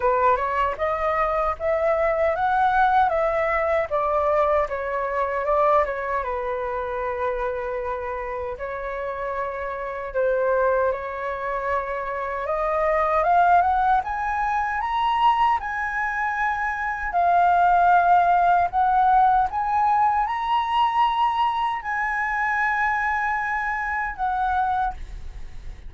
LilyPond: \new Staff \with { instrumentName = "flute" } { \time 4/4 \tempo 4 = 77 b'8 cis''8 dis''4 e''4 fis''4 | e''4 d''4 cis''4 d''8 cis''8 | b'2. cis''4~ | cis''4 c''4 cis''2 |
dis''4 f''8 fis''8 gis''4 ais''4 | gis''2 f''2 | fis''4 gis''4 ais''2 | gis''2. fis''4 | }